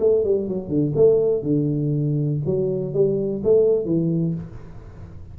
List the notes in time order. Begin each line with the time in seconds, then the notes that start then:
0.00 A3
0.24 G3
0.49 F#3
0.69 D3
0.96 A3
1.43 D3
2.46 F#3
2.94 G3
3.44 A3
3.86 E3